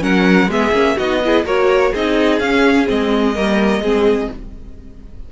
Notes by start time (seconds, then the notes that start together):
0.00 F#3 C#4 A#4 F#5
0.48 G#3 B3 G#4 E5
0.72 A#3 C#4
0.97 B3 D#4 F#4 D#5
1.24 E4 G#4
1.45 A#3 F#4 A#4 C#5
1.92 C4 D#4 G#4 D#5
2.39 C#4 F5
2.86 G#3 C4 D#5
3.35 G3 A#3 A#4
3.80 G#3 C4 G#4